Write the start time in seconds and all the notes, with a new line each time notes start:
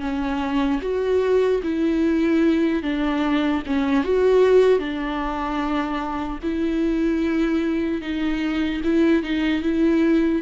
0.00 C#4
0.81 F#4
1.63 E4
2.83 D4
3.66 C#4
4.04 F#4
4.79 D4
6.43 E4
8.01 D#4
8.84 E4
9.23 D#4
9.62 E4